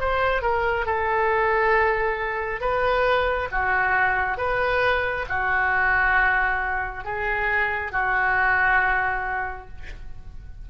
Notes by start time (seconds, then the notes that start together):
0.00 C5
0.42 A#4
0.86 A4
2.61 B4
3.51 F#4
4.37 B4
5.29 F#4
7.04 G#4
7.92 F#4